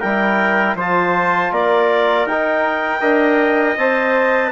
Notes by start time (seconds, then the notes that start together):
0.00 G3 E4 A#4 G5
0.75 F3 F4 C5 A5
1.51 A#3 A#4 D5
2.26 D#4 G5
3.01 D4 A#4 D#5
3.77 C4 C5 A5